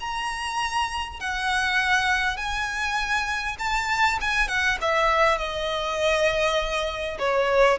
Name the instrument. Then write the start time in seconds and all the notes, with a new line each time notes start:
violin
0.00 A#5
1.20 F#5
2.37 G#5
3.59 A5
4.21 G#5
4.48 F#5
4.81 E5
5.38 D#5
7.19 C#5